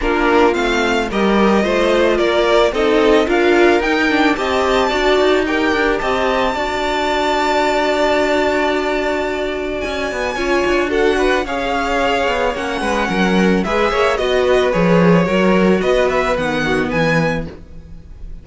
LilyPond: <<
  \new Staff \with { instrumentName = "violin" } { \time 4/4 \tempo 4 = 110 ais'4 f''4 dis''2 | d''4 dis''4 f''4 g''4 | a''2 g''4 a''4~ | a''1~ |
a''2 gis''2 | fis''4 f''2 fis''4~ | fis''4 e''4 dis''4 cis''4~ | cis''4 dis''8 e''8 fis''4 gis''4 | }
  \new Staff \with { instrumentName = "violin" } { \time 4/4 f'2 ais'4 c''4 | ais'4 a'4 ais'2 | dis''4 d''4 ais'4 dis''4 | d''1~ |
d''2. cis''4 | a'8 b'8 cis''2~ cis''8 b'8 | ais'4 b'8 cis''8 dis''8 b'4. | ais'4 b'4. fis'8 b'4 | }
  \new Staff \with { instrumentName = "viola" } { \time 4/4 d'4 c'4 g'4 f'4~ | f'4 dis'4 f'4 dis'8 d'8 | g'4 fis'4 g'2 | fis'1~ |
fis'2. f'4 | fis'4 gis'2 cis'4~ | cis'4 gis'4 fis'4 gis'4 | fis'2 b2 | }
  \new Staff \with { instrumentName = "cello" } { \time 4/4 ais4 a4 g4 a4 | ais4 c'4 d'4 dis'4 | c'4 d'8 dis'4 d'8 c'4 | d'1~ |
d'2 cis'8 b8 cis'8 d'8~ | d'4 cis'4. b8 ais8 gis8 | fis4 gis8 ais8 b4 f4 | fis4 b4 dis4 e4 | }
>>